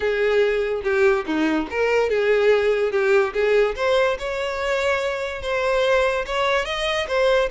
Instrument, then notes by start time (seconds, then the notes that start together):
violin
0.00 G#4
0.83 G4
1.25 D#4
1.70 A#4
2.09 G#4
2.91 G4
3.33 G#4
3.75 C5
4.18 C#5
5.41 C5
6.25 C#5
6.65 D#5
7.07 C5